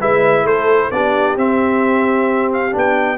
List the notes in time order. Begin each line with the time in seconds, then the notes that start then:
0.00 G#3 E4 B4 E5
0.44 A3 A4 C5
0.91 B3 D4 G4 D5
1.36 C4 E5
2.53 F5
2.71 B3 D4
2.77 G5